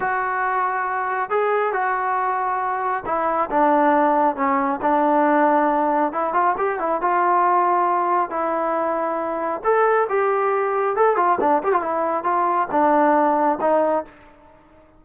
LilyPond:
\new Staff \with { instrumentName = "trombone" } { \time 4/4 \tempo 4 = 137 fis'2. gis'4 | fis'2. e'4 | d'2 cis'4 d'4~ | d'2 e'8 f'8 g'8 e'8 |
f'2. e'4~ | e'2 a'4 g'4~ | g'4 a'8 f'8 d'8 g'16 f'16 e'4 | f'4 d'2 dis'4 | }